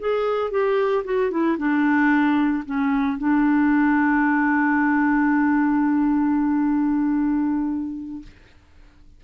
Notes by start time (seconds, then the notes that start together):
0.00 G#4
0.51 G4
1.05 F#4
1.31 E4
1.58 D4
2.65 C#4
3.18 D4